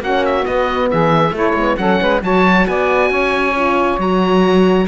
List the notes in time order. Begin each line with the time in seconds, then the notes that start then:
0.00 A#3 C#4 F#4 F#5
0.25 E5
0.43 B3 D#5
0.90 E3 G#4 E5
1.31 A3 E4
1.37 A3 C#5
1.53 G#3 B3
1.77 F#3 C#4 A4 F#5
2.01 G#3 B4
2.22 F#3 F#4 C#5 A5
2.67 B3 D5 G#5
3.10 C#4 C#5
3.55 F4
3.98 F#3 F#4 A#5